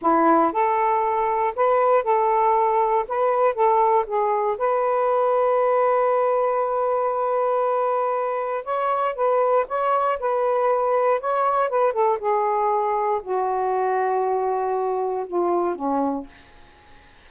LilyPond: \new Staff \with { instrumentName = "saxophone" } { \time 4/4 \tempo 4 = 118 e'4 a'2 b'4 | a'2 b'4 a'4 | gis'4 b'2.~ | b'1~ |
b'4 cis''4 b'4 cis''4 | b'2 cis''4 b'8 a'8 | gis'2 fis'2~ | fis'2 f'4 cis'4 | }